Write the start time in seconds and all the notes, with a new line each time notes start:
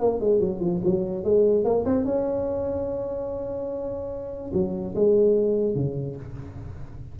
0.00 A#3
0.21 G#3
0.40 F#3
0.60 F3
0.84 F#3
1.24 G#3
1.64 A#3
1.85 C4
2.05 C#4
4.53 F#3
4.95 G#3
5.75 C#3